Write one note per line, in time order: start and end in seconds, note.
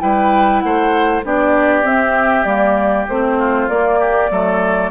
0.00 0.64 G3
0.00 1.22 E4
0.00 0.64 B4
0.00 0.60 G5
0.60 1.24 A3
0.60 1.26 C5
0.60 1.21 F#5
1.24 1.84 B3
1.24 1.84 D4
1.24 3.39 G4
1.24 1.87 D5
1.84 2.45 C4
1.84 2.44 E5
2.44 3.06 G3
2.44 3.07 A#3
2.44 3.05 D5
3.09 3.69 A3
3.09 3.70 C4
3.09 3.69 C5
3.39 4.00 F4
3.69 4.30 A#3
3.69 4.31 A#3
3.69 4.91 D5
4.00 4.30 G4
4.31 4.91 F#3
4.31 4.91 A3
4.31 4.91 A4